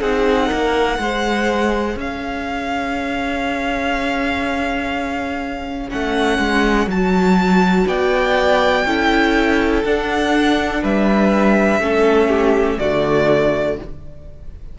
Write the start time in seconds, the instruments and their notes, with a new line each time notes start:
0.00 cello C4, viola D#4, violin G#4 F#5
0.47 cello A#3, violin A#4
0.98 cello G#3, viola G#4, violin C5
1.95 cello C#4, violin C#5 F5
5.89 cello A3, viola C#4, violin F#5
6.38 cello G#3
6.86 cello F#3, violin A5
6.93 viola F#4
7.86 cello B3, violin D5 G5
8.85 cello C#4, viola E4, violin A4
9.84 cello D4, viola D4, violin F#5
10.82 cello G3, violin B4 E5
11.80 cello A3, viola C#4, violin A4
12.28 violin G4
12.79 cello D3, viola A3, violin F#4 D5